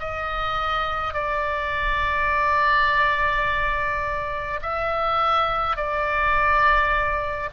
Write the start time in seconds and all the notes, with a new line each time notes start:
0.00 D#5
1.14 D5
4.62 E5
5.77 D5